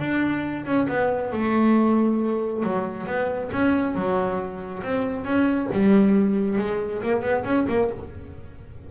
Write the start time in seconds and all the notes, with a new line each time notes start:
0.00 D4
0.66 C#4
0.89 B3
1.33 A3
2.64 F#3
3.07 B3
3.53 C#4
3.95 F#3
4.84 C4
5.25 C#4
5.73 G3
6.59 G#3
7.03 A#3
7.22 B3
7.45 C#4
7.69 A#3